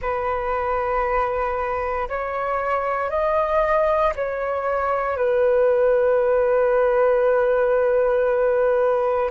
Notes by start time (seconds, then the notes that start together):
0.01 B4
2.08 C#5
3.09 D#5
4.15 C#5
5.17 B4